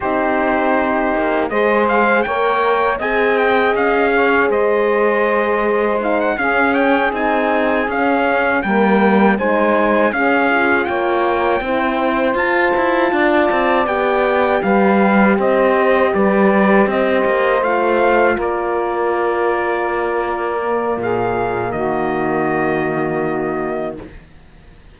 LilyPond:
<<
  \new Staff \with { instrumentName = "trumpet" } { \time 4/4 \tempo 4 = 80 c''2 dis''8 f''8 g''4 | gis''8 g''8 f''4 dis''2 | f''16 fis''16 f''8 g''8 gis''4 f''4 g''8~ | g''8 gis''4 f''4 g''4.~ |
g''8 a''2 g''4 f''8~ | f''8 dis''4 d''4 dis''4 f''8~ | f''8 d''2.~ d''8 | f''4 dis''2. | }
  \new Staff \with { instrumentName = "saxophone" } { \time 4/4 g'2 c''4 cis''4 | dis''4. cis''8 c''2~ | c''8 gis'2. ais'8~ | ais'8 c''4 gis'4 cis''4 c''8~ |
c''4. d''2 b'8~ | b'8 c''4 b'4 c''4.~ | c''8 ais'2.~ ais'8 | gis'4 fis'2. | }
  \new Staff \with { instrumentName = "horn" } { \time 4/4 dis'2 gis'4 ais'4 | gis'1 | dis'8 cis'4 dis'4 cis'4 ais8~ | ais8 dis'4 cis'8 f'4. e'8~ |
e'8 f'2 g'4.~ | g'2.~ g'8 f'8~ | f'2.~ f'8 ais8~ | ais1 | }
  \new Staff \with { instrumentName = "cello" } { \time 4/4 c'4. ais8 gis4 ais4 | c'4 cis'4 gis2~ | gis8 cis'4 c'4 cis'4 g8~ | g8 gis4 cis'4 ais4 c'8~ |
c'8 f'8 e'8 d'8 c'8 b4 g8~ | g8 c'4 g4 c'8 ais8 a8~ | a8 ais2.~ ais8 | ais,4 dis2. | }
>>